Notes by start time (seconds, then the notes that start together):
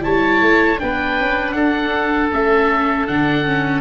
0.00 G3 E4 C#5 A5
0.41 A3
0.78 B3 D4 B4 G5
1.19 C#4
1.51 D4 A4 F#5
2.31 A3 C#4 E5
3.06 D3 D4 F#5
3.45 C#4